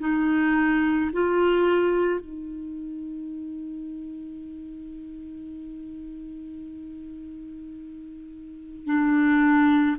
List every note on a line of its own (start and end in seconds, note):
0.00 1.11 D#4
1.13 2.21 F4
2.21 8.86 D#4
8.86 9.97 D4